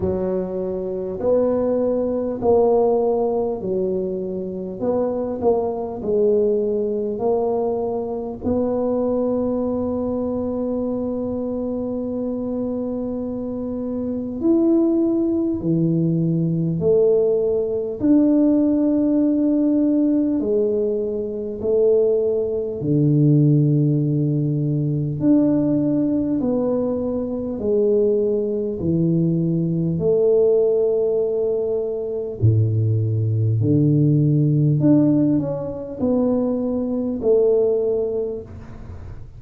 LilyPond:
\new Staff \with { instrumentName = "tuba" } { \time 4/4 \tempo 4 = 50 fis4 b4 ais4 fis4 | b8 ais8 gis4 ais4 b4~ | b1 | e'4 e4 a4 d'4~ |
d'4 gis4 a4 d4~ | d4 d'4 b4 gis4 | e4 a2 a,4 | d4 d'8 cis'8 b4 a4 | }